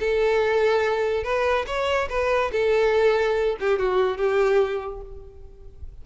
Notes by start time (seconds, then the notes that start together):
0.00 A4
1.24 B4
1.67 C#5
2.10 B4
2.53 A4
3.61 G4
3.79 F#4
4.17 G4